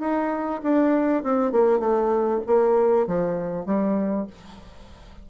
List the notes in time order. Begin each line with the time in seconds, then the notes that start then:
0.00 D#4
0.63 D4
1.23 C4
1.52 A#3
1.79 A3
2.47 A#3
3.07 F3
3.66 G3